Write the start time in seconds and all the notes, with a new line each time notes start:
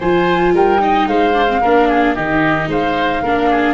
0.00 F3 F4 C5 G#5
0.54 G3 A#4 G5
0.79 D#4 D#5
1.07 G#3 C5 F5
1.34 D4
1.48 C4
1.62 A#3 D4 A#4
1.89 G#4
2.15 D#3 D#4 G4 D#5
2.68 G#3 C5 F5
3.23 A#3 D4 A#4
3.51 G#4